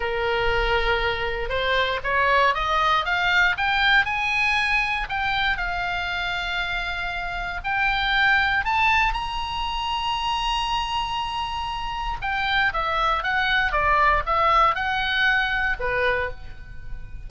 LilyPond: \new Staff \with { instrumentName = "oboe" } { \time 4/4 \tempo 4 = 118 ais'2. c''4 | cis''4 dis''4 f''4 g''4 | gis''2 g''4 f''4~ | f''2. g''4~ |
g''4 a''4 ais''2~ | ais''1 | g''4 e''4 fis''4 d''4 | e''4 fis''2 b'4 | }